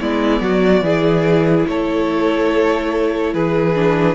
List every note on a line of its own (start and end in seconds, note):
0.00 0.40 G#3
0.00 0.84 B3
0.00 0.42 E4
0.00 1.67 D5
0.40 0.81 F#3
0.40 0.84 F#4
0.81 1.64 E3
0.81 3.75 E4
0.81 1.67 G#4
1.67 3.34 A3
1.67 3.34 A4
1.67 3.34 C#5
3.34 4.15 E3
3.34 4.15 G#4
3.34 4.15 B4
3.75 4.15 D4